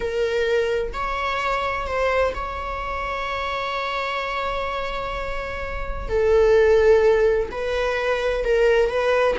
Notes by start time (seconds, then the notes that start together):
0.00 A#4
0.93 C#5
1.86 C5
2.34 C#5
6.08 A4
7.51 B4
8.44 A#4
8.89 B4